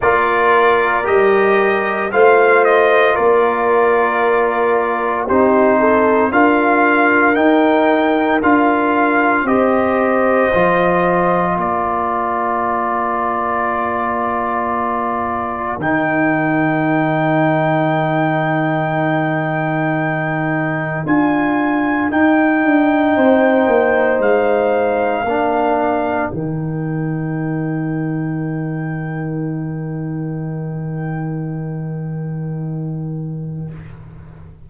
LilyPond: <<
  \new Staff \with { instrumentName = "trumpet" } { \time 4/4 \tempo 4 = 57 d''4 dis''4 f''8 dis''8 d''4~ | d''4 c''4 f''4 g''4 | f''4 dis''2 d''4~ | d''2. g''4~ |
g''1 | gis''4 g''2 f''4~ | f''4 g''2.~ | g''1 | }
  \new Staff \with { instrumentName = "horn" } { \time 4/4 ais'2 c''4 ais'4~ | ais'4 g'8 a'8 ais'2~ | ais'4 c''2 ais'4~ | ais'1~ |
ais'1~ | ais'2 c''2 | ais'1~ | ais'1 | }
  \new Staff \with { instrumentName = "trombone" } { \time 4/4 f'4 g'4 f'2~ | f'4 dis'4 f'4 dis'4 | f'4 g'4 f'2~ | f'2. dis'4~ |
dis'1 | f'4 dis'2. | d'4 dis'2.~ | dis'1 | }
  \new Staff \with { instrumentName = "tuba" } { \time 4/4 ais4 g4 a4 ais4~ | ais4 c'4 d'4 dis'4 | d'4 c'4 f4 ais4~ | ais2. dis4~ |
dis1 | d'4 dis'8 d'8 c'8 ais8 gis4 | ais4 dis2.~ | dis1 | }
>>